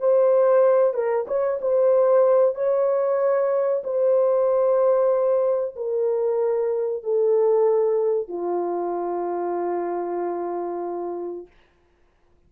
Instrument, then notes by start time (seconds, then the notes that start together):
horn
0.00 C5
0.94 A#4
1.28 C#5
1.62 C5
2.55 C#5
3.84 C5
5.76 A#4
7.04 A4
8.28 F4